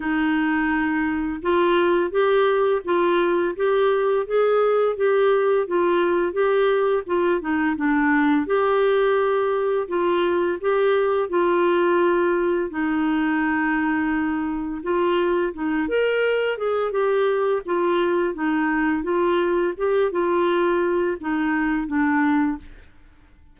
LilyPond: \new Staff \with { instrumentName = "clarinet" } { \time 4/4 \tempo 4 = 85 dis'2 f'4 g'4 | f'4 g'4 gis'4 g'4 | f'4 g'4 f'8 dis'8 d'4 | g'2 f'4 g'4 |
f'2 dis'2~ | dis'4 f'4 dis'8 ais'4 gis'8 | g'4 f'4 dis'4 f'4 | g'8 f'4. dis'4 d'4 | }